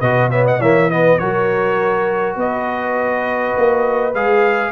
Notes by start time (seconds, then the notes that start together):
0.00 B2 F#4 B4 D#5
0.31 B3 C#5 E5
0.45 D#5 F#5
0.60 E3 A#3 C#5 E5
0.90 B3 B4 D#5
1.18 F#3 F#4 A#4 C#5
2.36 B3 B4 D#5
3.57 A#3
4.14 G#3 G#4 F5